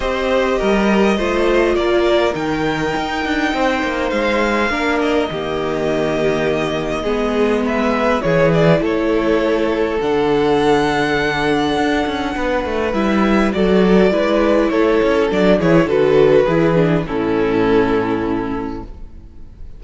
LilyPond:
<<
  \new Staff \with { instrumentName = "violin" } { \time 4/4 \tempo 4 = 102 dis''2. d''4 | g''2. f''4~ | f''8 dis''2.~ dis''8~ | dis''4 e''4 cis''8 d''8 cis''4~ |
cis''4 fis''2.~ | fis''2 e''4 d''4~ | d''4 cis''4 d''8 cis''8 b'4~ | b'4 a'2. | }
  \new Staff \with { instrumentName = "violin" } { \time 4/4 c''4 ais'4 c''4 ais'4~ | ais'2 c''2 | ais'4 g'2. | gis'4 b'4 gis'4 a'4~ |
a'1~ | a'4 b'2 a'4 | b'4 a'4. gis'8 a'4 | gis'4 e'2. | }
  \new Staff \with { instrumentName = "viola" } { \time 4/4 g'2 f'2 | dis'1 | d'4 ais2. | b2 e'2~ |
e'4 d'2.~ | d'2 e'4 fis'4 | e'2 d'8 e'8 fis'4 | e'8 d'8 cis'2. | }
  \new Staff \with { instrumentName = "cello" } { \time 4/4 c'4 g4 a4 ais4 | dis4 dis'8 d'8 c'8 ais8 gis4 | ais4 dis2. | gis2 e4 a4~ |
a4 d2. | d'8 cis'8 b8 a8 g4 fis4 | gis4 a8 cis'8 fis8 e8 d4 | e4 a,2. | }
>>